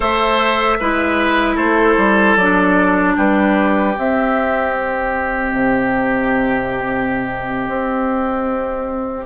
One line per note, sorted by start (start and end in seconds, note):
0.00 0.79 A3
0.00 0.79 A4
0.00 0.77 C5
0.00 1.57 E5
0.79 1.56 G#3
0.79 2.38 E4
0.79 1.55 B4
1.55 1.95 A3
1.55 3.13 A4
1.55 2.36 C5
1.97 2.36 G3
2.36 3.15 F#3
2.36 3.94 D4
2.36 3.15 D5
3.16 3.96 G3
3.16 9.25 G4
3.16 3.97 B4
3.94 9.25 C4
3.94 5.52 C4
3.94 4.73 E5
4.73 9.25 D#5
5.52 7.67 C3
7.67 9.25 C4